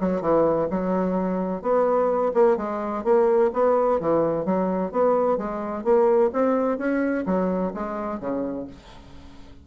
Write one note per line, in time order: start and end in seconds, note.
0.00 0.21 F#3
0.21 0.68 E3
0.70 1.62 F#3
1.62 2.32 B3
2.34 2.57 A#3
2.57 3.04 G#3
3.04 3.51 A#3
3.53 4.00 B3
4.00 4.45 E3
4.45 4.92 F#3
4.92 5.38 B3
5.38 5.84 G#3
5.84 6.31 A#3
6.33 6.78 C4
6.78 7.25 C#4
7.26 7.73 F#3
7.74 8.20 G#3
8.20 8.67 C#3